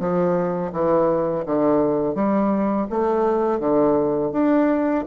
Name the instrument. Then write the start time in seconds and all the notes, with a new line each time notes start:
bassoon
0.00 F3
0.73 E3
1.46 D3
2.15 G3
2.90 A3
3.60 D3
4.32 D4